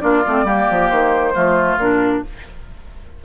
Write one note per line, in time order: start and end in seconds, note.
0.00 0.25 A#3
0.00 0.23 D4
0.00 0.45 F4
0.00 0.88 D5
0.27 0.43 A3
0.27 0.45 C4
0.43 0.65 G3
0.43 1.33 A#3
0.43 1.33 G4
0.70 0.91 F3
0.89 1.35 D#3
0.89 1.77 C5
1.33 1.77 F3
1.33 1.78 A3
1.33 2.22 F4
1.77 2.21 A#2
1.77 2.24 D4
1.77 2.24 A#4